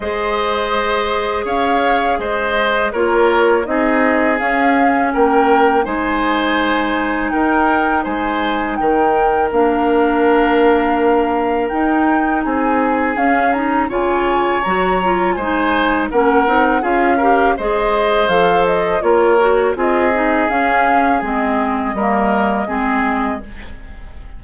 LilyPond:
<<
  \new Staff \with { instrumentName = "flute" } { \time 4/4 \tempo 4 = 82 dis''2 f''4 dis''4 | cis''4 dis''4 f''4 g''4 | gis''2 g''4 gis''4 | g''4 f''2. |
g''4 gis''4 f''8 ais''8 gis''4 | ais''4 gis''4 fis''4 f''4 | dis''4 f''8 dis''8 cis''4 dis''4 | f''4 dis''2. | }
  \new Staff \with { instrumentName = "oboe" } { \time 4/4 c''2 cis''4 c''4 | ais'4 gis'2 ais'4 | c''2 ais'4 c''4 | ais'1~ |
ais'4 gis'2 cis''4~ | cis''4 c''4 ais'4 gis'8 ais'8 | c''2 ais'4 gis'4~ | gis'2 ais'4 gis'4 | }
  \new Staff \with { instrumentName = "clarinet" } { \time 4/4 gis'1 | f'4 dis'4 cis'2 | dis'1~ | dis'4 d'2. |
dis'2 cis'8 dis'8 f'4 | fis'8 f'8 dis'4 cis'8 dis'8 f'8 g'8 | gis'4 a'4 f'8 fis'8 f'8 dis'8 | cis'4 c'4 ais4 c'4 | }
  \new Staff \with { instrumentName = "bassoon" } { \time 4/4 gis2 cis'4 gis4 | ais4 c'4 cis'4 ais4 | gis2 dis'4 gis4 | dis4 ais2. |
dis'4 c'4 cis'4 cis4 | fis4 gis4 ais8 c'8 cis'4 | gis4 f4 ais4 c'4 | cis'4 gis4 g4 gis4 | }
>>